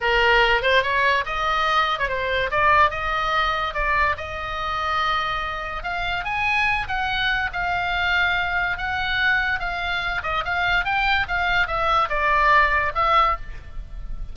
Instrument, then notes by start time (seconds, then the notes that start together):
oboe
0.00 A#4
0.62 C5
0.82 C#5
1.25 D#5
1.98 C#5
2.08 C5
2.50 D5
2.90 D#5
3.74 D5
4.17 D#5
5.83 F5
6.24 G#5
6.87 F#5
7.52 F5
8.77 F#5
9.59 F5
10.23 D#5
10.45 F5
10.84 G5
11.28 F5
11.67 E5
12.09 D5
12.95 E5